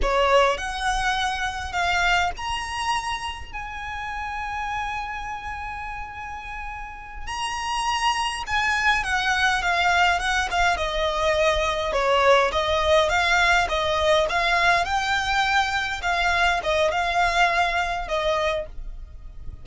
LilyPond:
\new Staff \with { instrumentName = "violin" } { \time 4/4 \tempo 4 = 103 cis''4 fis''2 f''4 | ais''2 gis''2~ | gis''1~ | gis''8 ais''2 gis''4 fis''8~ |
fis''8 f''4 fis''8 f''8 dis''4.~ | dis''8 cis''4 dis''4 f''4 dis''8~ | dis''8 f''4 g''2 f''8~ | f''8 dis''8 f''2 dis''4 | }